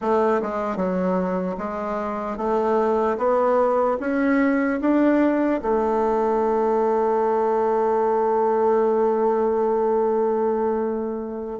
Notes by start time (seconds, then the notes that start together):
0.01 A3
0.41 G#3
0.76 F#3
1.57 G#3
2.37 A3
3.17 B3
4.00 C#4
4.80 D4
5.61 A3